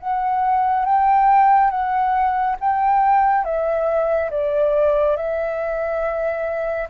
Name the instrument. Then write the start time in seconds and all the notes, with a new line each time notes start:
flute
0.00 F#5
0.85 G5
1.70 F#5
2.60 G5
3.44 E5
4.31 D5
5.17 E5